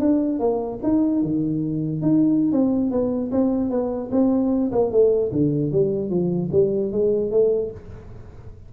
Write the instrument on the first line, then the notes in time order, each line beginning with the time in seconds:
tuba
0.00 D4
0.40 A#3
0.83 D#4
1.22 D#3
2.02 D#4
2.52 C4
2.91 B3
3.31 C4
3.70 B3
4.12 C4
4.72 A#3
4.92 A3
5.32 D3
5.72 G3
6.10 F3
6.52 G3
6.92 G#3
7.31 A3